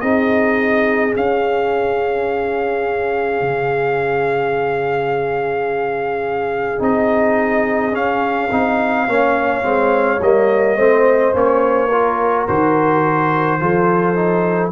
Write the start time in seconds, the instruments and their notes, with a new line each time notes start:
0.00 tuba C4, trombone D#4, horn G#4, trumpet D#5
1.12 trombone C#4, tuba C#4, trumpet F5
3.41 tuba C#3
6.79 tuba C4, trombone D#4, trumpet D#5
7.92 trombone C#4, tuba C#4, trumpet F5
8.51 tuba C4, trombone D#4
9.06 tuba A#3, trombone C#4, horn C#5
9.62 tuba G#3, trombone C4
10.21 tuba G3, trombone A#3, trumpet D#5
10.76 tuba A3, trombone C4, horn C5
11.32 tuba A#3, trombone C#4, trumpet C#5
11.88 trombone F4, horn A#4
12.47 tuba D#3, trombone F#4, trumpet C5
13.60 tuba F3, trombone F4, horn A4
14.15 trombone D#4